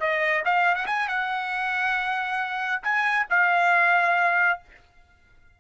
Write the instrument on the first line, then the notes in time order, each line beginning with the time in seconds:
trumpet
0.00 D#5
0.45 F5
0.75 F#5
0.86 G#5
1.08 F#5
2.83 G#5
3.30 F5